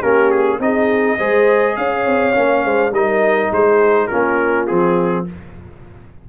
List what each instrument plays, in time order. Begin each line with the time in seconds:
0.00 tuba A#3, trombone C#4, horn G4, trumpet A#4
0.30 trumpet G#4
0.59 tuba C4, trombone D#4, horn G#4, trumpet D#5
1.17 tuba G#3, trombone G#4, horn C5
1.76 tuba C#4, horn C#5, trumpet F5
2.06 tuba C4
2.34 tuba A#3, trombone C#4
2.64 tuba G#3, horn C5
2.91 tuba G3, trombone D#4, horn A#4, trumpet D#5
3.51 tuba G#3, horn G#4, trumpet C5
4.06 tuba A#3, trombone C#4, horn F4, trumpet A#4
4.67 tuba F3, trombone C4, trumpet G#4